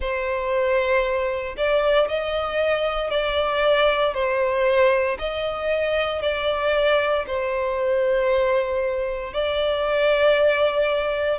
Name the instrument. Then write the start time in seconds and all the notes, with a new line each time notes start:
violin
0.00 C5
1.57 D5
2.08 D#5
3.10 D5
4.14 C5
5.18 D#5
6.22 D5
7.26 C5
9.33 D5